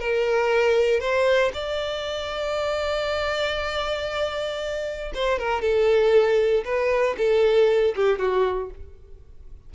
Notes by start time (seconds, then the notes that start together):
0.00 A#4
1.00 C5
1.54 D5
5.15 C5
5.39 A#4
5.62 A4
6.65 B4
7.18 A4
7.96 G4
8.19 F#4